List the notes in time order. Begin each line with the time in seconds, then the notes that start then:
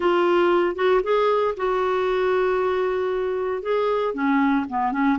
0.00 F4
0.75 F#4
1.03 G#4
1.56 F#4
3.62 G#4
4.14 C#4
4.69 B3
4.92 C#4